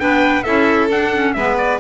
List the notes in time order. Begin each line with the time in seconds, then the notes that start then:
0.00 B3 D4 B4 G5
0.43 C#4 E4 A4 E5
0.90 D4 F#5
1.14 C#4
1.34 G#3 B3 B4 E5
1.58 D5